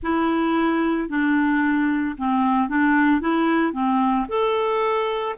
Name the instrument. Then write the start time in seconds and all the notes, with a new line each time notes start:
clarinet
0.02 E4
1.08 D4
2.17 C4
2.68 D4
3.20 E4
3.73 C4
4.28 A4